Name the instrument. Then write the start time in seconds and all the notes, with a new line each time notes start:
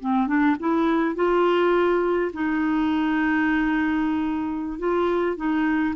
clarinet
0.00 C4
0.27 D4
0.60 E4
1.15 F4
2.33 D#4
4.79 F4
5.36 D#4